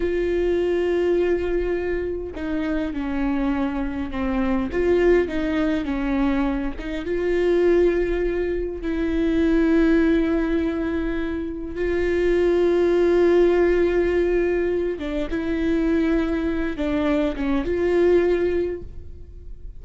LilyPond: \new Staff \with { instrumentName = "viola" } { \time 4/4 \tempo 4 = 102 f'1 | dis'4 cis'2 c'4 | f'4 dis'4 cis'4. dis'8 | f'2. e'4~ |
e'1 | f'1~ | f'4. d'8 e'2~ | e'8 d'4 cis'8 f'2 | }